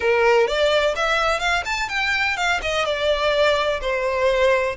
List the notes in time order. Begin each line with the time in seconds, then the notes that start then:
0.00 A#4
0.47 D5
0.95 E5
1.39 F5
1.65 A5
1.89 G5
2.36 F5
2.61 D#5
2.85 D5
3.80 C5